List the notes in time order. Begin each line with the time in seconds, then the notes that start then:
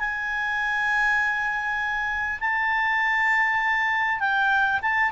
0.00 G#5
2.41 A5
4.20 G5
4.82 A5